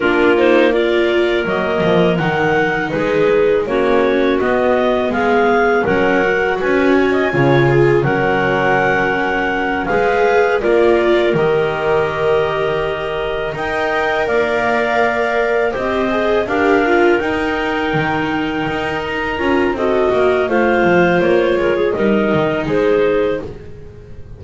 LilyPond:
<<
  \new Staff \with { instrumentName = "clarinet" } { \time 4/4 \tempo 4 = 82 ais'8 c''8 d''4 dis''4 fis''4 | b'4 cis''4 dis''4 f''4 | fis''4 gis''2 fis''4~ | fis''4. f''4 d''4 dis''8~ |
dis''2~ dis''8 g''4 f''8~ | f''4. dis''4 f''4 g''8~ | g''2 ais''4 dis''4 | f''4 cis''4 dis''4 c''4 | }
  \new Staff \with { instrumentName = "clarinet" } { \time 4/4 f'4 ais'2. | gis'4 fis'2 gis'4 | ais'4 b'8 cis''16 dis''16 cis''8 gis'8 ais'4~ | ais'4. b'4 ais'4.~ |
ais'2~ ais'8 dis''4 d''8~ | d''4. c''4 ais'4.~ | ais'2. a'8 ais'8 | c''4. ais'16 gis'16 ais'4 gis'4 | }
  \new Staff \with { instrumentName = "viola" } { \time 4/4 d'8 dis'8 f'4 ais4 dis'4~ | dis'4 cis'4 b2 | cis'8 fis'4. f'4 cis'4~ | cis'4. gis'4 f'4 g'8~ |
g'2~ g'8 ais'4.~ | ais'4. g'8 gis'8 g'8 f'8 dis'8~ | dis'2~ dis'8 f'8 fis'4 | f'2 dis'2 | }
  \new Staff \with { instrumentName = "double bass" } { \time 4/4 ais2 fis8 f8 dis4 | gis4 ais4 b4 gis4 | fis4 cis'4 cis4 fis4~ | fis4. gis4 ais4 dis8~ |
dis2~ dis8 dis'4 ais8~ | ais4. c'4 d'4 dis'8~ | dis'8 dis4 dis'4 cis'8 c'8 ais8 | a8 f8 ais8 gis8 g8 dis8 gis4 | }
>>